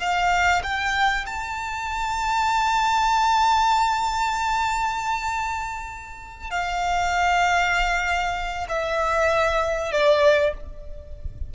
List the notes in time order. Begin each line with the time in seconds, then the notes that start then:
0.00 F5
0.63 G5
1.26 A5
6.50 F5
8.69 E5
9.92 D5